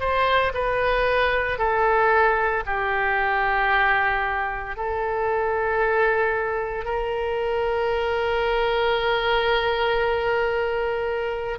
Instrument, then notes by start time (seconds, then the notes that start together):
oboe
0.00 C5
0.54 B4
1.58 A4
2.66 G4
4.77 A4
6.85 A#4